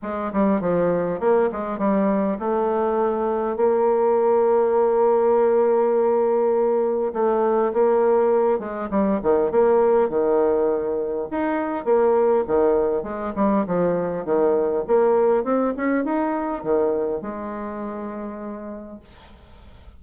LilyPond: \new Staff \with { instrumentName = "bassoon" } { \time 4/4 \tempo 4 = 101 gis8 g8 f4 ais8 gis8 g4 | a2 ais2~ | ais1 | a4 ais4. gis8 g8 dis8 |
ais4 dis2 dis'4 | ais4 dis4 gis8 g8 f4 | dis4 ais4 c'8 cis'8 dis'4 | dis4 gis2. | }